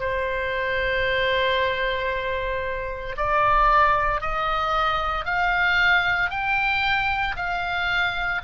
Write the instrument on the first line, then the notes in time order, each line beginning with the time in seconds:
oboe
0.00 C5
3.17 D5
4.21 D#5
5.25 F5
6.30 G5
7.36 F5